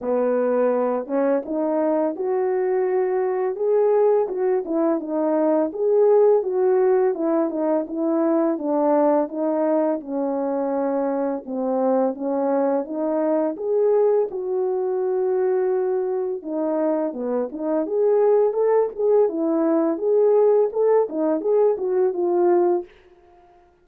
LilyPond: \new Staff \with { instrumentName = "horn" } { \time 4/4 \tempo 4 = 84 b4. cis'8 dis'4 fis'4~ | fis'4 gis'4 fis'8 e'8 dis'4 | gis'4 fis'4 e'8 dis'8 e'4 | d'4 dis'4 cis'2 |
c'4 cis'4 dis'4 gis'4 | fis'2. dis'4 | b8 dis'8 gis'4 a'8 gis'8 e'4 | gis'4 a'8 dis'8 gis'8 fis'8 f'4 | }